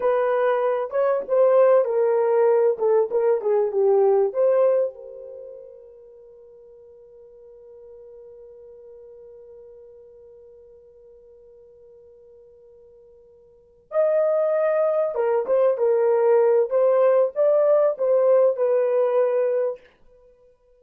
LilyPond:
\new Staff \with { instrumentName = "horn" } { \time 4/4 \tempo 4 = 97 b'4. cis''8 c''4 ais'4~ | ais'8 a'8 ais'8 gis'8 g'4 c''4 | ais'1~ | ais'1~ |
ais'1~ | ais'2~ ais'8 dis''4.~ | dis''8 ais'8 c''8 ais'4. c''4 | d''4 c''4 b'2 | }